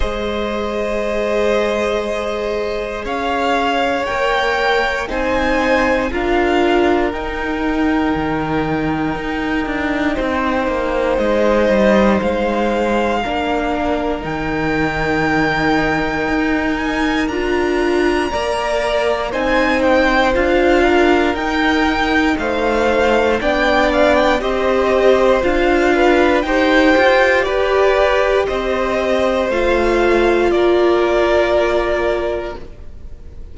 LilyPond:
<<
  \new Staff \with { instrumentName = "violin" } { \time 4/4 \tempo 4 = 59 dis''2. f''4 | g''4 gis''4 f''4 g''4~ | g''2. dis''4 | f''2 g''2~ |
g''8 gis''8 ais''2 gis''8 g''8 | f''4 g''4 f''4 g''8 f''16 g''16 | dis''4 f''4 g''4 d''4 | dis''4 f''4 d''2 | }
  \new Staff \with { instrumentName = "violin" } { \time 4/4 c''2. cis''4~ | cis''4 c''4 ais'2~ | ais'2 c''2~ | c''4 ais'2.~ |
ais'2 d''4 c''4~ | c''8 ais'4. c''4 d''4 | c''4. b'8 c''4 b'4 | c''2 ais'2 | }
  \new Staff \with { instrumentName = "viola" } { \time 4/4 gis'1 | ais'4 dis'4 f'4 dis'4~ | dis'1~ | dis'4 d'4 dis'2~ |
dis'4 f'4 ais'4 dis'4 | f'4 dis'2 d'4 | g'4 f'4 g'2~ | g'4 f'2. | }
  \new Staff \with { instrumentName = "cello" } { \time 4/4 gis2. cis'4 | ais4 c'4 d'4 dis'4 | dis4 dis'8 d'8 c'8 ais8 gis8 g8 | gis4 ais4 dis2 |
dis'4 d'4 ais4 c'4 | d'4 dis'4 a4 b4 | c'4 d'4 dis'8 f'8 g'4 | c'4 a4 ais2 | }
>>